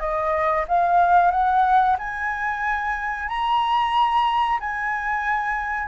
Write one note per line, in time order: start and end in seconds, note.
0.00 0.65 D#5
0.68 1.32 F5
1.32 1.97 F#5
1.99 3.29 G#5
3.29 4.59 A#5
4.60 5.88 G#5